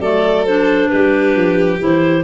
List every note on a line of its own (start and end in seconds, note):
0.00 0.90 F#3
0.00 0.47 A3
0.00 0.90 A4
0.00 0.46 D5
0.46 1.79 D4
0.46 0.89 C5
0.89 1.36 G3
0.89 2.24 G4
0.89 1.79 B4
1.36 1.81 F3
1.79 2.24 E3
1.79 2.24 E4
1.79 2.24 C5